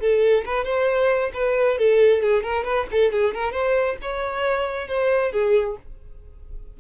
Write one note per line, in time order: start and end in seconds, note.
0.00 0.44 A4
0.45 0.64 B4
0.64 1.31 C5
1.34 1.78 B4
1.78 2.22 A4
2.22 2.43 G#4
2.43 2.64 A#4
2.64 2.86 B4
2.92 3.12 A4
3.12 3.34 G#4
3.34 3.52 A#4
3.52 3.97 C5
4.02 4.88 C#5
4.88 5.32 C5
5.32 5.77 G#4